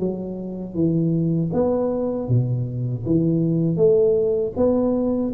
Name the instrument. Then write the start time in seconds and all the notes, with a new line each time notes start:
tuba
0.00 F#3
0.75 E3
1.53 B3
2.29 B2
3.06 E3
3.77 A3
4.57 B3